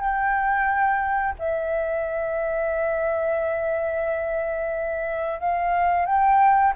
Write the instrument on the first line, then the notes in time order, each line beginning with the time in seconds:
flute
0.00 G5
1.39 E5
5.40 F5
6.06 G5